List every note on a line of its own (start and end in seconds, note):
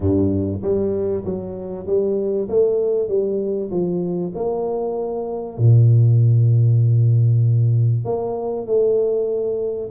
0.00 0.61 G2
0.62 1.24 G3
1.24 1.86 F#3
1.86 2.48 G3
2.48 3.08 A3
3.08 3.70 G3
3.70 4.32 F3
4.34 5.58 A#3
5.58 8.04 A#2
8.04 8.66 A#3
8.66 9.90 A3